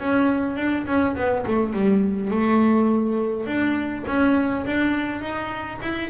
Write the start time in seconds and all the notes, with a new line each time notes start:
0.00 C#4
0.57 D4
0.87 C#4
1.16 B3
1.47 A3
1.73 G3
2.31 A3
3.47 D4
4.07 C#4
4.66 D4
5.22 D#4
5.82 E4